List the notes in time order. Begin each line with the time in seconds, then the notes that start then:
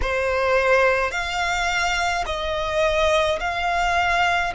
0.01 C5
1.11 F5
2.25 D#5
3.40 F5